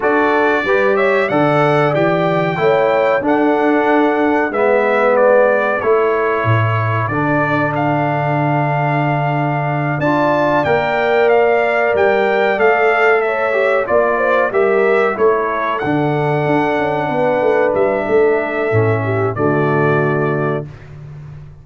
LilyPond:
<<
  \new Staff \with { instrumentName = "trumpet" } { \time 4/4 \tempo 4 = 93 d''4. e''8 fis''4 g''4~ | g''4 fis''2 e''4 | d''4 cis''2 d''4 | f''2.~ f''8 a''8~ |
a''8 g''4 f''4 g''4 f''8~ | f''8 e''4 d''4 e''4 cis''8~ | cis''8 fis''2. e''8~ | e''2 d''2 | }
  \new Staff \with { instrumentName = "horn" } { \time 4/4 a'4 b'8 cis''8 d''2 | cis''4 a'2 b'4~ | b'4 a'2.~ | a'2.~ a'8 d''8~ |
d''1~ | d''8 cis''4 d''8 c''8 ais'4 a'8~ | a'2~ a'8 b'4. | a'4. g'8 fis'2 | }
  \new Staff \with { instrumentName = "trombone" } { \time 4/4 fis'4 g'4 a'4 g'4 | e'4 d'2 b4~ | b4 e'2 d'4~ | d'2.~ d'8 f'8~ |
f'8 ais'2. a'8~ | a'4 g'8 f'4 g'4 e'8~ | e'8 d'2.~ d'8~ | d'4 cis'4 a2 | }
  \new Staff \with { instrumentName = "tuba" } { \time 4/4 d'4 g4 d4 e4 | a4 d'2 gis4~ | gis4 a4 a,4 d4~ | d2.~ d8 d'8~ |
d'8 ais2 g4 a8~ | a4. ais4 g4 a8~ | a8 d4 d'8 cis'8 b8 a8 g8 | a4 a,4 d2 | }
>>